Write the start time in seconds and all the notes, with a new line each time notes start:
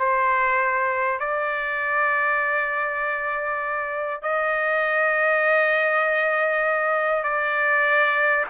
0.00 C5
1.20 D5
4.23 D#5
7.24 D5